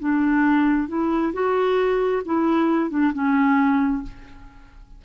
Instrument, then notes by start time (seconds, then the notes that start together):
clarinet
0.00 D4
0.89 E4
1.34 F#4
2.26 E4
2.91 D4
3.13 C#4